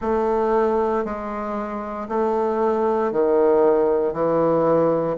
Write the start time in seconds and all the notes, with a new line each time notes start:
0.01 A3
1.04 G#3
2.08 A3
3.12 D#3
4.13 E3